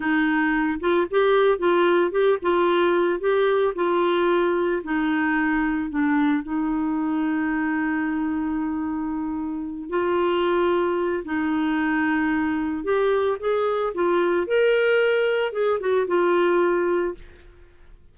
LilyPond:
\new Staff \with { instrumentName = "clarinet" } { \time 4/4 \tempo 4 = 112 dis'4. f'8 g'4 f'4 | g'8 f'4. g'4 f'4~ | f'4 dis'2 d'4 | dis'1~ |
dis'2~ dis'8 f'4.~ | f'4 dis'2. | g'4 gis'4 f'4 ais'4~ | ais'4 gis'8 fis'8 f'2 | }